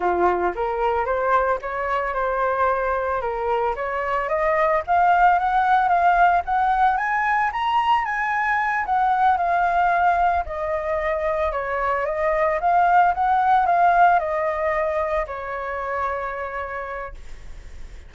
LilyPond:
\new Staff \with { instrumentName = "flute" } { \time 4/4 \tempo 4 = 112 f'4 ais'4 c''4 cis''4 | c''2 ais'4 cis''4 | dis''4 f''4 fis''4 f''4 | fis''4 gis''4 ais''4 gis''4~ |
gis''8 fis''4 f''2 dis''8~ | dis''4. cis''4 dis''4 f''8~ | f''8 fis''4 f''4 dis''4.~ | dis''8 cis''2.~ cis''8 | }